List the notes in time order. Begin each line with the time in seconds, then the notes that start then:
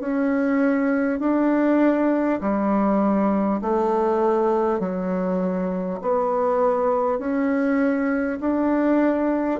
0.00 C#4
1.19 D4
2.41 G3
3.61 A3
4.79 F#3
6.01 B3
7.18 C#4
8.40 D4